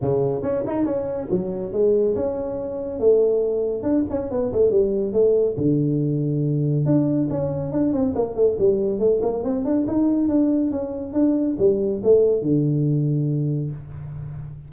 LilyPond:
\new Staff \with { instrumentName = "tuba" } { \time 4/4 \tempo 4 = 140 cis4 cis'8 dis'8 cis'4 fis4 | gis4 cis'2 a4~ | a4 d'8 cis'8 b8 a8 g4 | a4 d2. |
d'4 cis'4 d'8 c'8 ais8 a8 | g4 a8 ais8 c'8 d'8 dis'4 | d'4 cis'4 d'4 g4 | a4 d2. | }